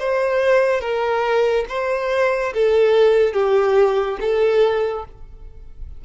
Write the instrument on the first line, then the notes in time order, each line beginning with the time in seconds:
violin
0.00 C5
0.81 A#4
1.69 C5
2.54 A4
3.34 G4
4.21 A4